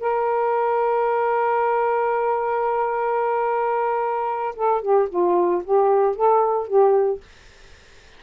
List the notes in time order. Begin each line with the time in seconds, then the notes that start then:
0.00 A#4
4.56 A4
4.82 G4
5.09 F4
5.64 G4
6.16 A4
6.67 G4